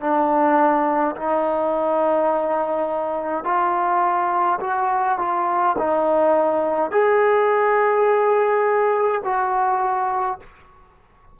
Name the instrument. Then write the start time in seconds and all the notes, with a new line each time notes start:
trombone
0.00 D4
1.15 D#4
3.44 F4
4.60 F#4
5.18 F4
5.78 D#4
6.91 G#4
9.24 F#4